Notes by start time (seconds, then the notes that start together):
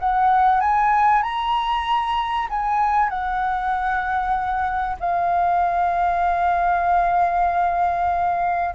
0.00 F#5
0.61 G#5
1.23 A#5
2.50 G#5
3.10 F#5
5.00 F5